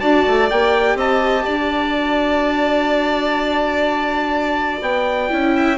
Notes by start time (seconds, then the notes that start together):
0.00 D4 F#4 D5 A5
0.27 A3
0.50 A#3 G4 G5
0.95 C4 D#5 A5
1.45 D4 D5
1.94 F#4
4.81 B3 G5
5.30 C#4 E4
5.56 E5